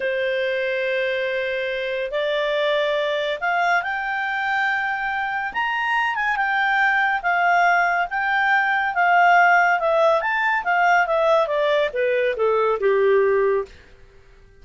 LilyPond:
\new Staff \with { instrumentName = "clarinet" } { \time 4/4 \tempo 4 = 141 c''1~ | c''4 d''2. | f''4 g''2.~ | g''4 ais''4. gis''8 g''4~ |
g''4 f''2 g''4~ | g''4 f''2 e''4 | a''4 f''4 e''4 d''4 | b'4 a'4 g'2 | }